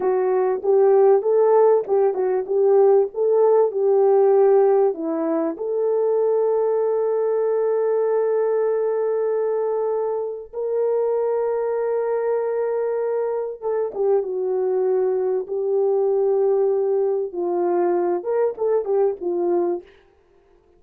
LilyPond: \new Staff \with { instrumentName = "horn" } { \time 4/4 \tempo 4 = 97 fis'4 g'4 a'4 g'8 fis'8 | g'4 a'4 g'2 | e'4 a'2.~ | a'1~ |
a'4 ais'2.~ | ais'2 a'8 g'8 fis'4~ | fis'4 g'2. | f'4. ais'8 a'8 g'8 f'4 | }